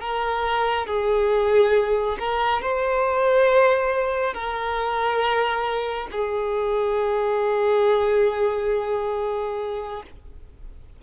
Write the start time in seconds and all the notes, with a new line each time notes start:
0.00 A#4
0.87 G#4
2.19 A#4
2.62 C5
4.34 A#4
6.11 G#4